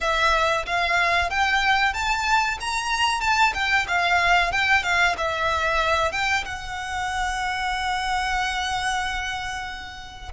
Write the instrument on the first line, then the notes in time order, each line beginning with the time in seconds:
violin
0.01 E5
0.65 F5
1.29 G5
1.93 A5
2.60 A#5
3.21 A5
3.54 G5
3.87 F5
4.52 G5
4.83 F5
5.17 E5
6.11 G5
6.44 F#5